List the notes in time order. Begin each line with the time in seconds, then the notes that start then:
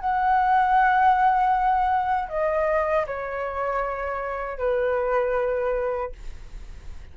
0.00 F#5
2.29 D#5
3.07 C#5
4.58 B4